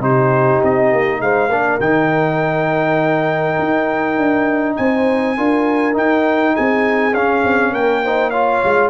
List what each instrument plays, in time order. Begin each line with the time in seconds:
0.00 tuba C3, trombone D#4, horn G4, trumpet C5
0.63 tuba C4, trumpet D#5
0.93 tuba A#3
1.21 tuba G#3, horn C5, trumpet F5
1.50 tuba A#3, trombone D4, horn A#4
1.80 tuba D#3, trombone D#4, trumpet G5
3.59 tuba D#4
4.18 tuba D4
4.77 tuba C4, horn C5, trumpet G#5
5.37 tuba D4, trombone F4, horn A#4
5.93 trombone D#4, tuba D#4, trumpet G5
6.54 tuba C4, horn G#4, trumpet G#5
7.14 tuba C#4, trombone C#4, trumpet F5
7.44 tuba C4
7.72 tuba A#3, horn A#4, trumpet G5
8.04 trombone D#4, horn C5
8.30 trombone F4, horn C#5, trumpet F5
8.64 tuba G#3